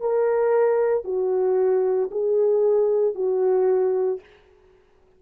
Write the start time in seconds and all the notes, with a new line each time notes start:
0.00 A#4
1.04 F#4
2.11 G#4
3.15 F#4